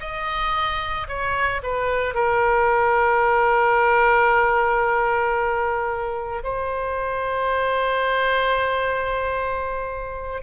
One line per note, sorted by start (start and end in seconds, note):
0.00 1.07 D#5
1.08 1.62 C#5
1.63 2.14 B4
2.14 6.43 A#4
6.44 10.43 C5